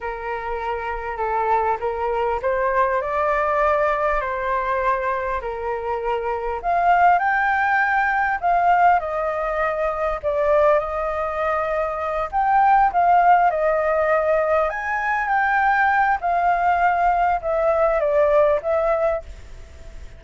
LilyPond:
\new Staff \with { instrumentName = "flute" } { \time 4/4 \tempo 4 = 100 ais'2 a'4 ais'4 | c''4 d''2 c''4~ | c''4 ais'2 f''4 | g''2 f''4 dis''4~ |
dis''4 d''4 dis''2~ | dis''8 g''4 f''4 dis''4.~ | dis''8 gis''4 g''4. f''4~ | f''4 e''4 d''4 e''4 | }